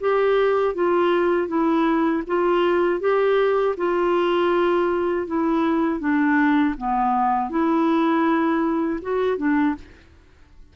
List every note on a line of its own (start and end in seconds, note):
0.00 0.75 G4
0.75 1.48 F4
1.48 2.23 E4
2.27 3.00 F4
3.00 3.75 G4
3.77 5.27 F4
5.27 6.00 E4
6.00 6.75 D4
6.77 7.50 B3
7.50 9.00 E4
9.02 9.38 F#4
9.38 9.75 D4